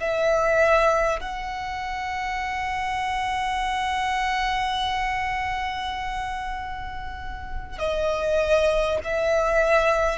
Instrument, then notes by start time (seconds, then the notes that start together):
violin
0.00 E5
1.20 F#5
7.78 D#5
9.04 E5